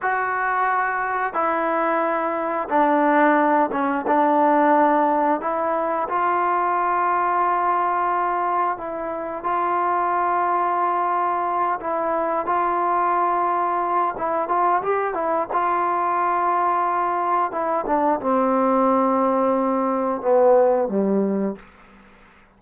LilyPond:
\new Staff \with { instrumentName = "trombone" } { \time 4/4 \tempo 4 = 89 fis'2 e'2 | d'4. cis'8 d'2 | e'4 f'2.~ | f'4 e'4 f'2~ |
f'4. e'4 f'4.~ | f'4 e'8 f'8 g'8 e'8 f'4~ | f'2 e'8 d'8 c'4~ | c'2 b4 g4 | }